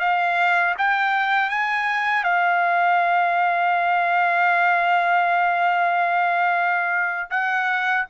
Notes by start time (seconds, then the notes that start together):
0.00 F5
0.78 G5
1.50 G#5
2.24 F5
7.31 F#5